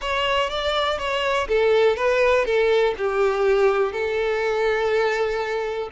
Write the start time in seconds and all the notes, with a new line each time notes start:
0.01 C#5
0.49 D5
0.98 C#5
1.48 A4
1.96 B4
2.45 A4
2.97 G4
3.92 A4